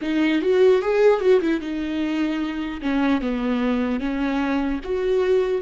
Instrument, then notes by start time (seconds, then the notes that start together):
viola
0.01 D#4
0.41 F#4
0.81 G#4
1.20 F#4
1.41 E4
1.60 D#4
2.81 C#4
3.21 B3
4.00 C#4
4.84 F#4